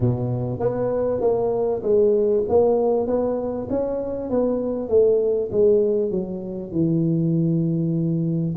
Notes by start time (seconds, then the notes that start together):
0.00 B2
0.59 B3
1.20 A#3
1.83 G#3
2.48 A#3
3.06 B3
3.70 C#4
4.29 B3
4.88 A3
5.51 G#3
6.11 F#3
6.71 E3